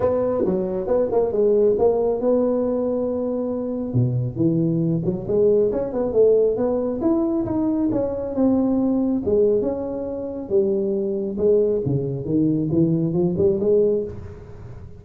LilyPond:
\new Staff \with { instrumentName = "tuba" } { \time 4/4 \tempo 4 = 137 b4 fis4 b8 ais8 gis4 | ais4 b2.~ | b4 b,4 e4. fis8 | gis4 cis'8 b8 a4 b4 |
e'4 dis'4 cis'4 c'4~ | c'4 gis4 cis'2 | g2 gis4 cis4 | dis4 e4 f8 g8 gis4 | }